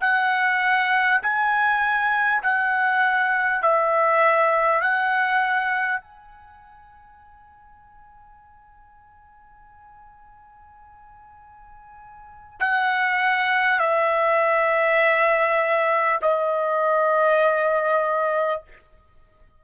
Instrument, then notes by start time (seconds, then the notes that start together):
trumpet
0.00 F#5
1.22 G#5
2.42 F#5
3.62 E5
4.81 F#5
6.01 G#5
12.59 F#5
13.79 E5
16.22 D#5